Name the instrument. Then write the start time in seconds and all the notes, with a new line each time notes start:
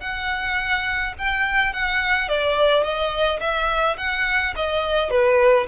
violin
0.00 F#5
1.18 G5
1.73 F#5
2.28 D5
2.83 D#5
3.40 E5
3.98 F#5
4.56 D#5
5.10 B4